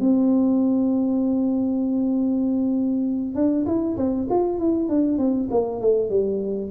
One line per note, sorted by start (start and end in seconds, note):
0.00 3.35 C4
3.35 3.65 D4
3.66 3.96 E4
3.97 4.27 C4
4.30 4.59 F4
4.59 4.89 E4
4.89 5.18 D4
5.18 5.49 C4
5.50 5.81 A#3
5.81 6.09 A3
6.09 6.71 G3